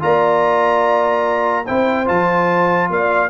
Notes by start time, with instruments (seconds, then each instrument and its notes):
0.00 tuba A#3, trombone F4, horn D5, trumpet A#5
1.65 tuba C4, trombone E4, horn C5, trumpet G5
2.06 tuba F3, trombone F4, trumpet A5
2.90 tuba A#3, horn D5, trumpet F5